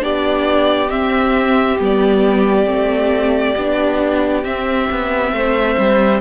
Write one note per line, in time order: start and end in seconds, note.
0.00 0.91 B3
0.00 0.88 D4
0.00 5.32 G4
0.00 0.90 D5
0.90 1.78 C4
0.90 1.79 C4
0.90 1.78 E5
1.80 2.67 G3
1.80 2.66 B3
1.80 4.44 D5
2.66 3.55 A3
2.66 3.54 C4
3.57 4.44 B3
3.57 4.43 D4
4.43 6.20 C4
4.43 4.88 C4
4.43 6.20 E5
4.91 5.32 B3
5.32 5.76 A3
5.32 6.21 C5
5.78 6.21 G3